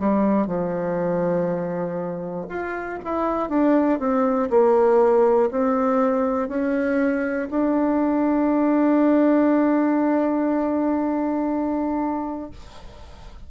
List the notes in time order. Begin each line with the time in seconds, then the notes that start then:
0.00 G3
0.47 F3
2.49 F4
3.05 E4
3.50 D4
4.00 C4
4.50 A#3
5.51 C4
6.49 C#4
7.51 D4